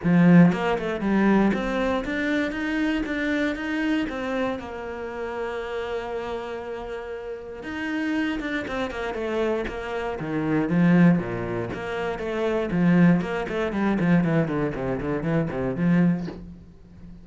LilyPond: \new Staff \with { instrumentName = "cello" } { \time 4/4 \tempo 4 = 118 f4 ais8 a8 g4 c'4 | d'4 dis'4 d'4 dis'4 | c'4 ais2.~ | ais2. dis'4~ |
dis'8 d'8 c'8 ais8 a4 ais4 | dis4 f4 ais,4 ais4 | a4 f4 ais8 a8 g8 f8 | e8 d8 c8 d8 e8 c8 f4 | }